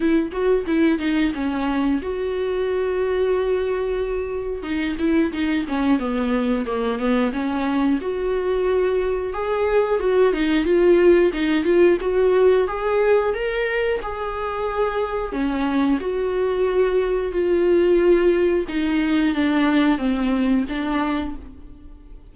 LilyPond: \new Staff \with { instrumentName = "viola" } { \time 4/4 \tempo 4 = 90 e'8 fis'8 e'8 dis'8 cis'4 fis'4~ | fis'2. dis'8 e'8 | dis'8 cis'8 b4 ais8 b8 cis'4 | fis'2 gis'4 fis'8 dis'8 |
f'4 dis'8 f'8 fis'4 gis'4 | ais'4 gis'2 cis'4 | fis'2 f'2 | dis'4 d'4 c'4 d'4 | }